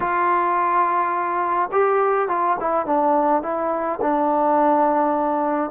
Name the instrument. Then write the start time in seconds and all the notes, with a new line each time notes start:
trombone
0.00 F4
1.71 G4
2.28 F4
2.59 E4
2.86 D4
3.42 E4
4.01 D4